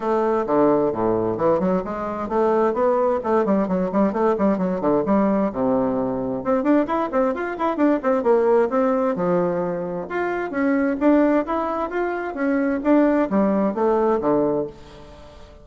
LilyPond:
\new Staff \with { instrumentName = "bassoon" } { \time 4/4 \tempo 4 = 131 a4 d4 a,4 e8 fis8 | gis4 a4 b4 a8 g8 | fis8 g8 a8 g8 fis8 d8 g4 | c2 c'8 d'8 e'8 c'8 |
f'8 e'8 d'8 c'8 ais4 c'4 | f2 f'4 cis'4 | d'4 e'4 f'4 cis'4 | d'4 g4 a4 d4 | }